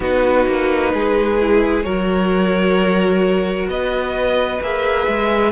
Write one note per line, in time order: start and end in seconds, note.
0.00 0.46 B3
0.00 1.39 D#4
0.00 0.91 F#4
0.00 1.82 B4
0.47 0.93 A#3
0.93 1.85 G#3
0.93 1.85 G#4
1.41 1.83 E4
1.82 3.67 F#3
1.82 4.60 F#4
1.82 3.69 A#4
1.82 3.67 C#5
3.67 4.59 B3
3.67 5.52 B4
3.67 4.61 D#5
4.60 5.07 A#3
4.60 5.52 G#4
4.60 5.52 E5
5.07 5.52 G#3